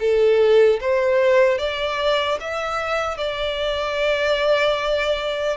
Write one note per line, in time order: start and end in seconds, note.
0.00 0.80 A4
0.80 1.58 C5
1.58 2.38 D5
2.40 3.17 E5
3.17 5.57 D5